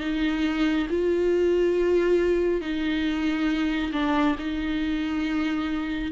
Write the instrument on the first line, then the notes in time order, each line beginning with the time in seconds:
viola
0.00 D#4
0.90 F4
2.61 D#4
3.92 D4
4.38 D#4